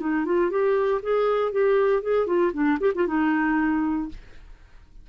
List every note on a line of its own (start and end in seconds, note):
0.00 0.25 D#4
0.25 0.51 F4
0.51 1.01 G4
1.03 1.52 G#4
1.52 2.02 G4
2.02 2.27 G#4
2.27 2.52 F4
2.53 2.79 D4
2.80 2.93 G4
2.95 3.07 F4
3.07 4.09 D#4